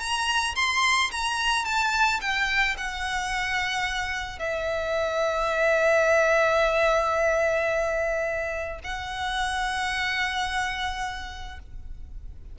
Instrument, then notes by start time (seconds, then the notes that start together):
violin
0.00 A#5
0.56 C6
1.11 A#5
1.65 A5
2.21 G5
2.77 F#5
4.39 E5
8.84 F#5